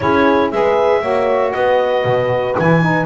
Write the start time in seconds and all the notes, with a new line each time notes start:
0.00 C#4 E4 G#4 C#5
0.51 G#3 G#4 B4 E5
1.01 A#3 F#4 C#5
1.52 B3 B4 D#5
2.04 B2
2.57 E3 E4 G#5
2.81 D#4